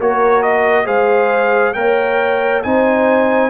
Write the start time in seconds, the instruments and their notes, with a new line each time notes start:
0.00 tuba A#3, trombone F#4, horn A#4, trumpet C#5
0.43 trumpet D#5
0.85 tuba G#3, trombone G#4, horn C5, trumpet F5
1.74 tuba A#3, trombone A#4, horn C#5, trumpet G5
2.63 tuba C4, trombone D#4, horn C5, trumpet G#5